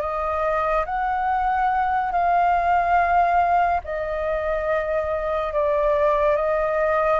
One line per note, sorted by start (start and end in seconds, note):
0.00 0.85 D#5
0.85 2.11 F#5
2.11 3.80 F5
3.84 5.53 D#5
5.53 6.36 D5
6.36 7.20 D#5